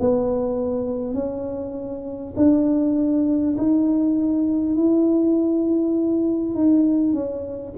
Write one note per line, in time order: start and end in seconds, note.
0.00 1.14 B3
1.14 2.34 C#4
2.37 3.57 D4
3.58 4.76 D#4
4.76 6.55 E4
6.55 7.13 D#4
7.13 7.73 C#4